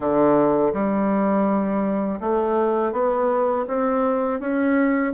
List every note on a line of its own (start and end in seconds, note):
0.00 0.73 D3
0.73 2.19 G3
2.20 2.92 A3
2.92 3.65 B3
3.68 4.39 C4
4.39 5.13 C#4